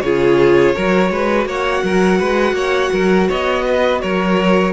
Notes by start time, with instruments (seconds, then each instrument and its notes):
0.00 cello C#3, viola F4, violin G#4 C#5
0.75 cello F#3, viola F#4, violin A#4
1.10 cello G#3, violin B4
1.45 cello A#3, violin C#5 F#5
1.83 cello F#3, violin A#4
2.18 cello G#3, violin B4
2.52 cello A#3, violin C#5
2.92 cello F#3, violin A#4
3.28 cello B3, violin C#5 D#5
3.65 violin B4
4.01 cello F#3, violin A#4 C#5